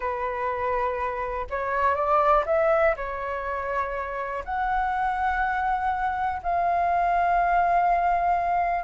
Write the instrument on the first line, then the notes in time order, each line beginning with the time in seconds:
flute
0.00 B4
1.50 C#5
1.95 D5
2.46 E5
2.96 C#5
4.44 F#5
6.42 F5